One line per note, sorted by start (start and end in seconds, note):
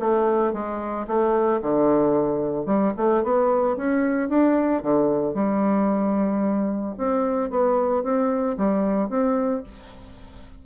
0.00 0.53 A3
0.53 1.07 G#3
1.08 1.61 A3
1.62 2.66 D3
2.66 2.93 G3
2.97 3.24 A3
3.24 3.77 B3
3.77 4.30 C#4
4.30 4.83 D4
4.83 5.35 D3
5.35 6.95 G3
6.98 7.50 C4
7.50 8.04 B3
8.04 8.57 C4
8.58 9.10 G3
9.10 9.63 C4